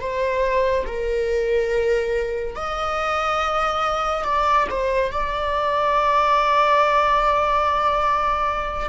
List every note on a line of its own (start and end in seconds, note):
0.00 0.85 C5
0.86 2.55 A#4
2.56 4.24 D#5
4.24 4.67 D5
4.70 5.12 C5
5.12 8.89 D5